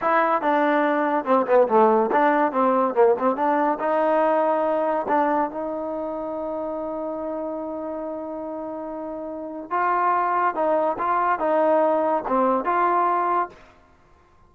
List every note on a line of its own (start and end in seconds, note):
0.01 0.41 E4
0.41 1.25 D4
1.25 1.46 C4
1.46 1.67 B3
1.68 2.10 A3
2.11 2.52 D4
2.52 2.94 C4
2.94 3.15 A#3
3.18 3.36 C4
3.36 3.78 D4
3.79 5.06 D#4
5.08 5.50 D4
5.50 9.70 D#4
9.70 10.54 F4
10.54 10.96 D#4
10.98 11.39 F4
11.39 12.23 D#4
12.27 12.64 C4
12.64 13.49 F4